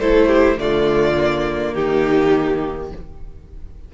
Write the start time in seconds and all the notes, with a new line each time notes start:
0.00 A3 E4 A4 C5
0.28 G4
0.58 D3 A3 F4 D5
1.18 A#3
1.75 D#3 D#4 G4